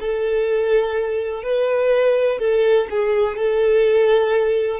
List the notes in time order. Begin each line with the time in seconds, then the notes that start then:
0.00 A4
1.43 B4
2.39 A4
2.91 G#4
3.37 A4